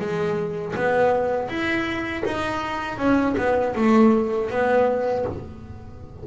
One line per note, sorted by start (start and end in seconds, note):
0.00 0.75 G#3
0.76 1.49 B3
1.49 2.24 E4
2.25 2.98 D#4
2.98 3.36 C#4
3.38 3.75 B3
3.76 4.50 A3
4.50 5.25 B3